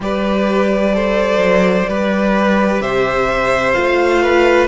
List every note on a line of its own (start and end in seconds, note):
0.00 1.37 G3
0.00 0.92 G4
0.00 0.95 B4
0.00 2.81 D5
0.92 1.86 A4
0.92 1.89 C5
1.37 1.84 F#3
1.88 2.80 G3
1.88 3.73 G4
1.88 2.82 B4
2.80 3.74 C3
2.80 4.22 C5
2.80 3.72 E5
3.72 4.67 A3
3.72 4.67 F4
3.72 4.66 F5
4.22 4.67 B4